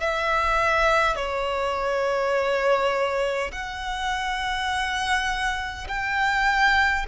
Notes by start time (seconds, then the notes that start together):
0.00 E5
1.16 C#5
3.52 F#5
5.88 G5